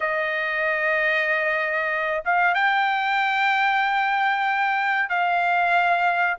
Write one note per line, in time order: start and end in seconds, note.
0.00 2.23 D#5
2.25 2.54 F5
2.54 5.09 G5
5.09 6.36 F5